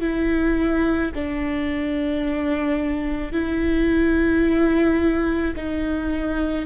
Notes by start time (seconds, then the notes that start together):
0.00 E4
1.14 D4
3.32 E4
5.56 D#4